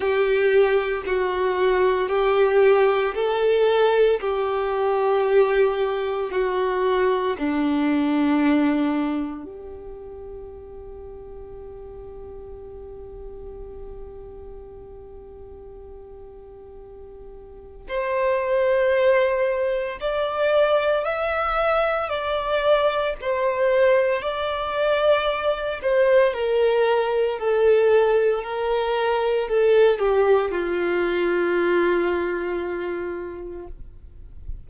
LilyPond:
\new Staff \with { instrumentName = "violin" } { \time 4/4 \tempo 4 = 57 g'4 fis'4 g'4 a'4 | g'2 fis'4 d'4~ | d'4 g'2.~ | g'1~ |
g'4 c''2 d''4 | e''4 d''4 c''4 d''4~ | d''8 c''8 ais'4 a'4 ais'4 | a'8 g'8 f'2. | }